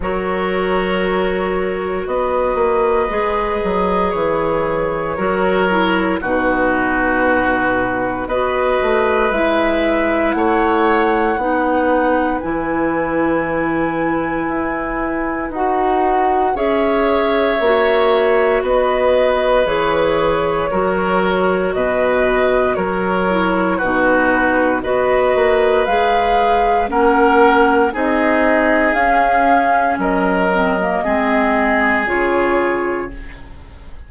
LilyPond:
<<
  \new Staff \with { instrumentName = "flute" } { \time 4/4 \tempo 4 = 58 cis''2 dis''2 | cis''2 b'2 | dis''4 e''4 fis''2 | gis''2. fis''4 |
e''2 dis''4 cis''4~ | cis''4 dis''4 cis''4 b'4 | dis''4 f''4 fis''4 dis''4 | f''4 dis''2 cis''4 | }
  \new Staff \with { instrumentName = "oboe" } { \time 4/4 ais'2 b'2~ | b'4 ais'4 fis'2 | b'2 cis''4 b'4~ | b'1 |
cis''2 b'2 | ais'4 b'4 ais'4 fis'4 | b'2 ais'4 gis'4~ | gis'4 ais'4 gis'2 | }
  \new Staff \with { instrumentName = "clarinet" } { \time 4/4 fis'2. gis'4~ | gis'4 fis'8 e'8 dis'2 | fis'4 e'2 dis'4 | e'2. fis'4 |
gis'4 fis'2 gis'4 | fis'2~ fis'8 e'8 dis'4 | fis'4 gis'4 cis'4 dis'4 | cis'4. c'16 ais16 c'4 f'4 | }
  \new Staff \with { instrumentName = "bassoon" } { \time 4/4 fis2 b8 ais8 gis8 fis8 | e4 fis4 b,2 | b8 a8 gis4 a4 b4 | e2 e'4 dis'4 |
cis'4 ais4 b4 e4 | fis4 b,4 fis4 b,4 | b8 ais8 gis4 ais4 c'4 | cis'4 fis4 gis4 cis4 | }
>>